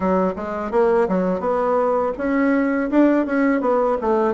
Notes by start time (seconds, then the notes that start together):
0.00 F#3
0.35 G#3
0.71 A#3
1.08 F#3
1.40 B3
2.17 C#4
2.90 D4
3.26 C#4
3.60 B3
4.01 A3